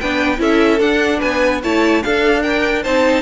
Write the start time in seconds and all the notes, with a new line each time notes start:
0.00 B3 D4 B4 G5
0.38 C#4 E4 A4 E5
0.80 D4 F#5
1.18 B3 B4 G#5
1.64 A3 E4 C#5 A5
2.03 D4 A4 F5
2.42 A#4 G5
2.83 C4 D#4 C5 A5